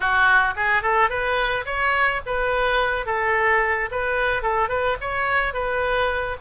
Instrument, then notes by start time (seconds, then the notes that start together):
oboe
0.00 F#4
0.56 G#4
0.82 A4
1.09 B4
1.65 C#5
2.26 B4
3.06 A4
3.91 B4
4.42 A4
4.68 B4
5.00 C#5
5.53 B4